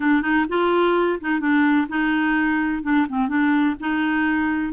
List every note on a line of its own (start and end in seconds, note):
0.00 0.21 D4
0.21 0.45 D#4
0.49 1.19 F4
1.20 1.40 D#4
1.40 1.87 D4
1.89 2.83 D#4
2.83 3.06 D4
3.08 3.28 C4
3.28 3.75 D4
3.80 4.73 D#4